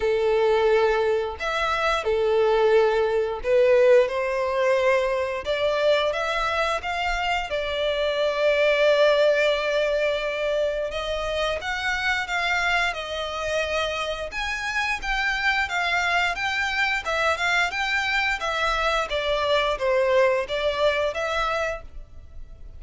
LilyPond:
\new Staff \with { instrumentName = "violin" } { \time 4/4 \tempo 4 = 88 a'2 e''4 a'4~ | a'4 b'4 c''2 | d''4 e''4 f''4 d''4~ | d''1 |
dis''4 fis''4 f''4 dis''4~ | dis''4 gis''4 g''4 f''4 | g''4 e''8 f''8 g''4 e''4 | d''4 c''4 d''4 e''4 | }